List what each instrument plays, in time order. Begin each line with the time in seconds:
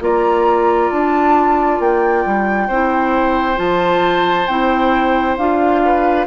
0.00 bassoon A#3, clarinet F4, oboe D5, flute A#5
0.90 bassoon D4, flute A5
1.79 bassoon A#3, flute G5
2.25 bassoon G3
2.67 bassoon C4, clarinet E4, oboe C5
3.55 bassoon F3, clarinet F4, flute A5
4.46 bassoon C4, clarinet E4, flute G5
5.37 bassoon D4, clarinet F4, flute F5
5.84 oboe B4